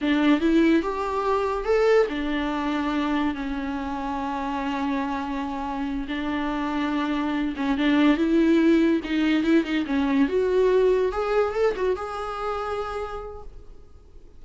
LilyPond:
\new Staff \with { instrumentName = "viola" } { \time 4/4 \tempo 4 = 143 d'4 e'4 g'2 | a'4 d'2. | cis'1~ | cis'2~ cis'8 d'4.~ |
d'2 cis'8 d'4 e'8~ | e'4. dis'4 e'8 dis'8 cis'8~ | cis'8 fis'2 gis'4 a'8 | fis'8 gis'2.~ gis'8 | }